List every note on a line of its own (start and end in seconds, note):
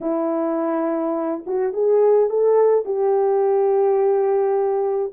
0.01 1.43 E4
1.46 1.73 F#4
1.73 2.29 G#4
2.29 2.85 A4
2.85 5.12 G4